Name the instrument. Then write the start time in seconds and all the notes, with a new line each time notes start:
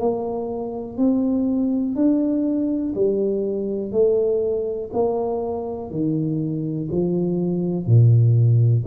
tuba
0.00 A#3
0.98 C4
1.96 D4
2.96 G3
3.92 A3
4.94 A#3
5.91 D#3
6.92 F3
7.86 A#2